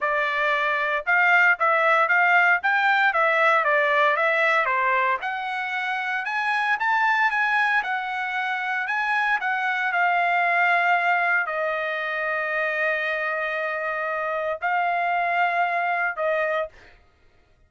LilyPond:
\new Staff \with { instrumentName = "trumpet" } { \time 4/4 \tempo 4 = 115 d''2 f''4 e''4 | f''4 g''4 e''4 d''4 | e''4 c''4 fis''2 | gis''4 a''4 gis''4 fis''4~ |
fis''4 gis''4 fis''4 f''4~ | f''2 dis''2~ | dis''1 | f''2. dis''4 | }